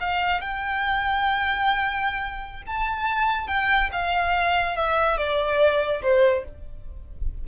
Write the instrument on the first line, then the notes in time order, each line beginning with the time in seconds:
violin
0.00 F5
0.41 G5
2.67 A5
3.47 G5
3.92 F5
4.76 E5
5.17 D5
6.02 C5